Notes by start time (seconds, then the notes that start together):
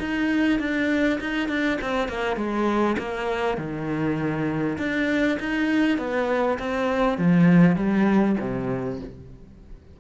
0.00 D#4
0.59 D4
1.21 D#4
1.49 D4
1.81 C4
2.09 A#3
2.37 G#3
2.99 A#3
3.58 D#3
4.78 D4
5.40 D#4
5.98 B3
6.59 C4
7.18 F3
7.76 G3
8.40 C3